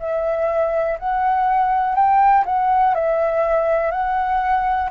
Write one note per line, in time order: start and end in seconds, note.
0.00 0.98 E5
0.99 1.96 F#5
1.96 2.45 G5
2.46 2.95 F#5
2.95 3.92 E5
3.92 4.90 F#5